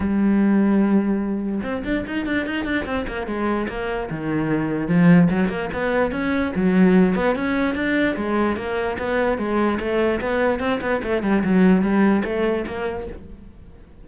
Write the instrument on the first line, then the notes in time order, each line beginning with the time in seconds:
cello
0.00 G3
1.63 C4
1.84 D4
2.06 D#4
2.26 D4
2.46 D#4
2.65 D4
2.85 C4
3.07 A#3
3.27 G#3
3.68 A#3
4.10 D#3
4.88 F3
5.30 F#3
5.48 A#3
5.73 B3
6.11 C#4
6.55 F#3
7.15 B3
7.35 C#4
7.75 D4
8.16 G#3
8.56 A#3
8.98 B3
9.38 G#3
9.79 A3
10.20 B3
10.59 C4
10.81 B3
11.03 A3
11.22 G3
11.43 F#3
11.82 G3
12.24 A3
12.66 A#3